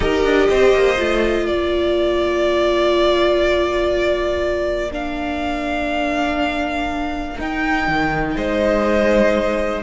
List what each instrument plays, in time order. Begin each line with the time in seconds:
0.00 cello D#4, viola G4, violin A#4 D#5
0.24 cello D4
0.49 cello C4, violin C5
0.74 cello A#3
0.96 cello A3, viola F4
1.45 cello A#3, violin A#4 D5
4.91 viola D4, violin F5
7.39 cello D#4, viola D#4, violin G5
7.87 cello D#3
8.35 cello G#3, violin C5 D#5